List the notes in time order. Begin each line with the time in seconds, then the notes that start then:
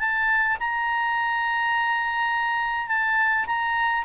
0.00 A5
0.60 A#5
2.88 A5
3.47 A#5